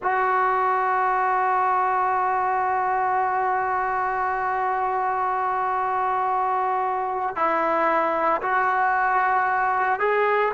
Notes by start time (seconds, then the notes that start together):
0.02 F#4
7.35 E4
8.41 F#4
9.99 G#4